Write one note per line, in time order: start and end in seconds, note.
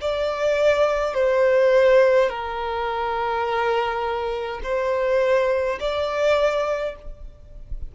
0.00 1.14 D5
1.14 2.29 C5
2.29 4.60 A#4
4.63 5.78 C5
5.80 6.95 D5